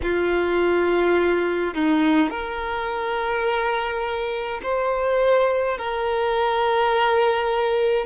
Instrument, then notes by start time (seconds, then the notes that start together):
violin
0.02 F4
1.74 D#4
2.30 A#4
4.63 C5
5.77 A#4